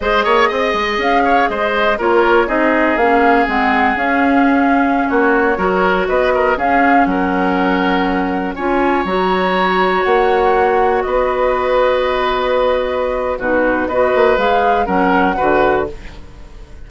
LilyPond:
<<
  \new Staff \with { instrumentName = "flute" } { \time 4/4 \tempo 4 = 121 dis''2 f''4 dis''4 | cis''4 dis''4 f''4 fis''4 | f''2~ f''16 cis''4.~ cis''16~ | cis''16 dis''4 f''4 fis''4.~ fis''16~ |
fis''4~ fis''16 gis''4 ais''4.~ ais''16~ | ais''16 fis''2 dis''4.~ dis''16~ | dis''2. b'4 | dis''4 f''4 fis''2 | }
  \new Staff \with { instrumentName = "oboe" } { \time 4/4 c''8 cis''8 dis''4. cis''8 c''4 | ais'4 gis'2.~ | gis'2~ gis'16 fis'4 ais'8.~ | ais'16 b'8 ais'8 gis'4 ais'4.~ ais'16~ |
ais'4~ ais'16 cis''2~ cis''8.~ | cis''2~ cis''16 b'4.~ b'16~ | b'2. fis'4 | b'2 ais'4 b'4 | }
  \new Staff \with { instrumentName = "clarinet" } { \time 4/4 gis'1 | f'4 dis'4 cis'4 c'4 | cis'2.~ cis'16 fis'8.~ | fis'4~ fis'16 cis'2~ cis'8.~ |
cis'4~ cis'16 f'4 fis'4.~ fis'16~ | fis'1~ | fis'2. dis'4 | fis'4 gis'4 cis'4 fis'4 | }
  \new Staff \with { instrumentName = "bassoon" } { \time 4/4 gis8 ais8 c'8 gis8 cis'4 gis4 | ais4 c'4 ais4 gis4 | cis'2~ cis'16 ais4 fis8.~ | fis16 b4 cis'4 fis4.~ fis16~ |
fis4~ fis16 cis'4 fis4.~ fis16~ | fis16 ais2 b4.~ b16~ | b2. b,4 | b8 ais8 gis4 fis4 d4 | }
>>